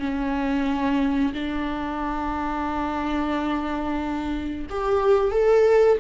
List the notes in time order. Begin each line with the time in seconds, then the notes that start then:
0.00 C#4
1.34 D4
4.70 G4
5.32 A4